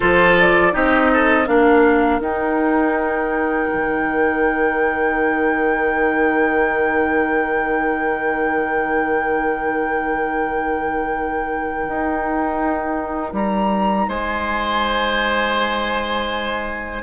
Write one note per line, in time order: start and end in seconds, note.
0.00 0.74 F3
0.00 0.71 F4
0.00 0.72 A4
0.00 0.37 C5
0.39 0.74 D5
0.71 1.47 C4
0.71 1.46 D#4
0.71 1.11 G4
0.71 1.46 D#5
1.13 1.47 A4
1.46 2.20 A#3
1.46 2.20 D4
1.46 14.06 A#4
1.46 2.20 F5
2.20 3.68 D#4
2.20 17.02 D#4
2.20 13.33 G5
3.73 11.88 D#3
11.88 13.32 D#4
13.32 14.06 G3
13.32 14.09 A#5
14.08 17.02 G#3
14.08 17.02 C5
14.08 17.02 G#5